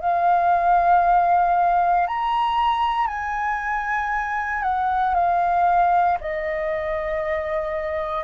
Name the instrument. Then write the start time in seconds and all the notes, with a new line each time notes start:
flute
0.00 F5
2.07 A#5
3.07 G#5
4.62 F#5
5.14 F5
6.20 D#5